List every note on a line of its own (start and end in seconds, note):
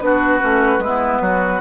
0.00 0.40 B3
0.00 0.39 D4
0.00 0.83 F#4
0.00 1.60 B4
0.39 0.78 A3
0.39 0.79 C#4
0.78 1.18 G#3
0.78 1.22 E4
0.85 1.60 B3
1.21 1.60 F#3
1.21 1.60 F#4